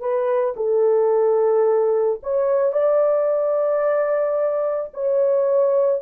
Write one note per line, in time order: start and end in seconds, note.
0.00 0.55 B4
0.56 2.20 A4
2.23 2.72 C#5
2.72 4.91 D5
4.94 6.01 C#5